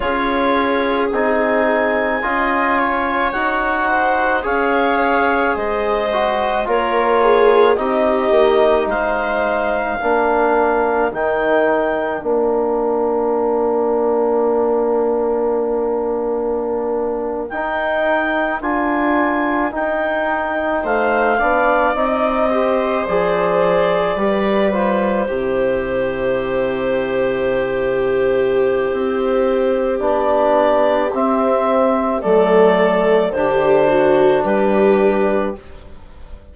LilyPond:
<<
  \new Staff \with { instrumentName = "clarinet" } { \time 4/4 \tempo 4 = 54 cis''4 gis''2 fis''4 | f''4 dis''4 cis''4 dis''4 | f''2 g''4 f''4~ | f''2.~ f''8. g''16~ |
g''8. gis''4 g''4 f''4 dis''16~ | dis''8. d''4. c''4.~ c''16~ | c''2. d''4 | e''4 d''4 c''4 b'4 | }
  \new Staff \with { instrumentName = "viola" } { \time 4/4 gis'2 dis''8 cis''4 c''8 | cis''4 c''4 ais'8 gis'8 g'4 | c''4 ais'2.~ | ais'1~ |
ais'2~ ais'8. c''8 d''8.~ | d''16 c''4. b'4 g'4~ g'16~ | g'1~ | g'4 a'4 g'8 fis'8 g'4 | }
  \new Staff \with { instrumentName = "trombone" } { \time 4/4 f'4 dis'4 f'4 fis'4 | gis'4. fis'8 f'4 dis'4~ | dis'4 d'4 dis'4 d'4~ | d'2.~ d'8. dis'16~ |
dis'8. f'4 dis'4. d'8 dis'16~ | dis'16 g'8 gis'4 g'8 f'8 e'4~ e'16~ | e'2. d'4 | c'4 a4 d'2 | }
  \new Staff \with { instrumentName = "bassoon" } { \time 4/4 cis'4 c'4 cis'4 dis'4 | cis'4 gis4 ais4 c'8 ais8 | gis4 ais4 dis4 ais4~ | ais2.~ ais8. dis'16~ |
dis'8. d'4 dis'4 a8 b8 c'16~ | c'8. f4 g4 c4~ c16~ | c2 c'4 b4 | c'4 fis4 d4 g4 | }
>>